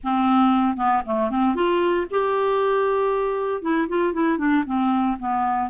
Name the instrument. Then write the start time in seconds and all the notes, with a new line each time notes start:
clarinet
0.03 C4
0.76 B3
1.05 A3
1.30 C4
1.55 F4
2.10 G4
3.61 E4
3.88 F4
4.13 E4
4.38 D4
4.66 C4
5.19 B3